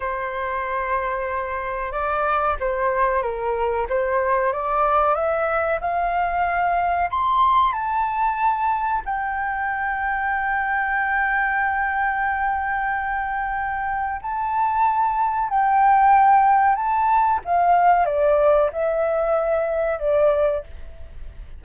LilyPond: \new Staff \with { instrumentName = "flute" } { \time 4/4 \tempo 4 = 93 c''2. d''4 | c''4 ais'4 c''4 d''4 | e''4 f''2 c'''4 | a''2 g''2~ |
g''1~ | g''2 a''2 | g''2 a''4 f''4 | d''4 e''2 d''4 | }